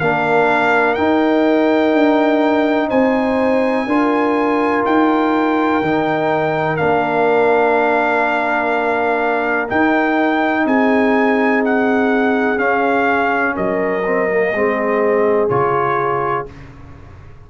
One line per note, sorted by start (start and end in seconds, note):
0.00 0.98 A#3
0.00 0.97 D4
0.00 2.89 A#4
0.00 0.95 F5
0.95 3.88 D#4
0.95 1.94 D#4
0.95 2.88 G5
1.94 2.91 D4
2.89 3.87 C4
2.89 3.85 C5
2.89 4.84 G#5
3.87 4.83 D4
3.87 5.83 F4
3.87 10.65 A#4
4.86 5.82 D#4
4.86 6.77 G5
5.82 6.79 D#3
5.82 6.78 D#4
6.77 9.71 A#3
6.77 9.69 D4
6.77 9.67 F5
9.70 12.58 D#4
9.70 10.66 D#4
9.70 10.67 G5
10.66 12.57 C4
10.66 13.56 G#4
10.66 11.64 G#5
11.66 12.59 F#5
12.57 13.53 C#4
12.57 14.03 C#4
12.57 13.56 F5
13.56 14.53 F#3
13.56 14.53 A#4
13.56 15.50 D#5
14.06 14.29 C4
14.29 14.53 A#3
14.53 15.50 G#3
14.53 15.50 C4
14.53 16.51 G#4
15.50 16.47 C#3
15.50 16.47 F4
15.50 16.46 C#5